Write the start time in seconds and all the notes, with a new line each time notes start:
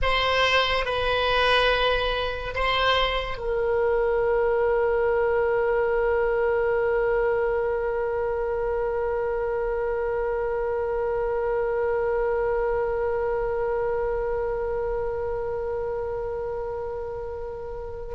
0.02 C5
0.85 B4
2.54 C5
3.37 A#4